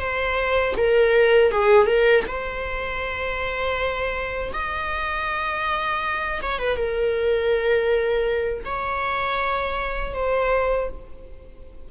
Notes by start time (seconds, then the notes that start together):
0.00 C5
0.77 A#4
1.52 G#4
1.87 A#4
2.28 C5
4.53 D#5
6.42 C#5
6.59 B4
6.77 A#4
8.65 C#5
10.14 C5